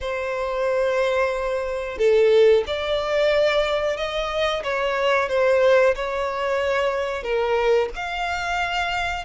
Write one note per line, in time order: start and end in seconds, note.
0.01 1.98 C5
1.98 2.64 A4
2.66 3.97 D5
3.97 4.62 D#5
4.63 5.29 C#5
5.29 5.95 C5
5.95 7.23 C#5
7.23 7.89 A#4
7.95 9.24 F5